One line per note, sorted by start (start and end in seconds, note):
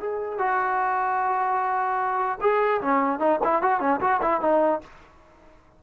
0.00 0.39 G#4
0.39 2.39 F#4
2.42 2.82 G#4
2.82 3.20 C#4
3.20 3.40 D#4
3.44 3.63 E4
3.63 3.81 F#4
3.81 4.01 C#4
4.01 4.21 F#4
4.22 4.41 E4
4.41 4.81 D#4